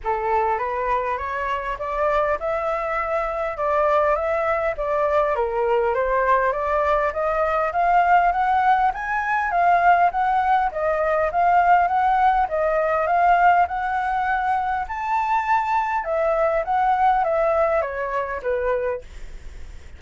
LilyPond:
\new Staff \with { instrumentName = "flute" } { \time 4/4 \tempo 4 = 101 a'4 b'4 cis''4 d''4 | e''2 d''4 e''4 | d''4 ais'4 c''4 d''4 | dis''4 f''4 fis''4 gis''4 |
f''4 fis''4 dis''4 f''4 | fis''4 dis''4 f''4 fis''4~ | fis''4 a''2 e''4 | fis''4 e''4 cis''4 b'4 | }